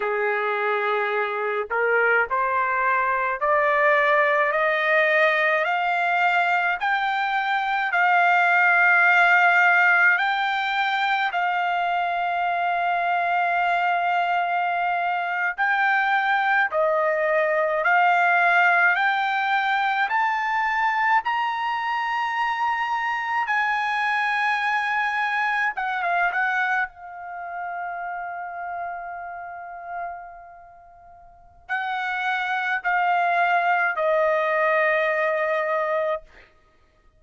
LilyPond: \new Staff \with { instrumentName = "trumpet" } { \time 4/4 \tempo 4 = 53 gis'4. ais'8 c''4 d''4 | dis''4 f''4 g''4 f''4~ | f''4 g''4 f''2~ | f''4.~ f''16 g''4 dis''4 f''16~ |
f''8. g''4 a''4 ais''4~ ais''16~ | ais''8. gis''2 fis''16 f''16 fis''8 f''16~ | f''1 | fis''4 f''4 dis''2 | }